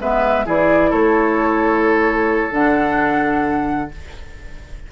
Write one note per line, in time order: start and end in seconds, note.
0.00 0.46 G#3
0.00 0.45 B3
0.00 0.46 B4
0.00 0.47 E5
0.45 0.92 E3
0.45 2.52 E4
0.45 0.90 G#4
0.45 0.92 D5
0.90 2.51 A3
0.90 3.90 A4
0.90 2.53 C#5
2.51 3.90 D3
2.51 3.91 D4
2.51 3.91 F#5